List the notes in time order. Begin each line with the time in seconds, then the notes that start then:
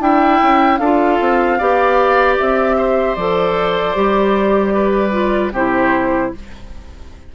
0.00 D4 E4 E5 G5
0.42 C#4
0.78 D4 F4 A4 F5
1.20 C4
1.58 B3 G4 D5
2.38 C4 E5
2.77 C5
3.15 F3 A4 D5
3.95 G3 G4
4.74 B4
5.11 F4
5.52 C3 E4 G4 C5